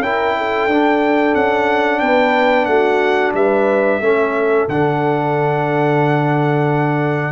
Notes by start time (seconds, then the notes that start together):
0.00 C#4 E4 A#4 G5
0.37 A4
0.67 D4
1.34 C#4 F#5
1.99 B3 B4 G5
2.65 A3 F#4 F#5
3.33 G3 B4 E5
4.00 A3 C#4 A4
4.68 D3 D4 F#5